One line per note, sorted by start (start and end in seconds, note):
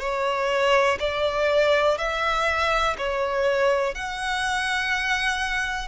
0.00 0.98 C#5
1.00 1.98 D5
1.98 2.96 E5
2.98 3.95 C#5
3.95 5.88 F#5